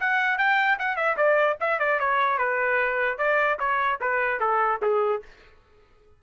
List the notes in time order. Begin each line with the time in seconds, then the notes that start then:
0.00 F#5
0.38 G5
0.79 F#5
0.96 E5
1.17 D5
1.60 E5
1.79 D5
2.00 C#5
2.38 B4
3.18 D5
3.59 C#5
4.01 B4
4.40 A4
4.82 G#4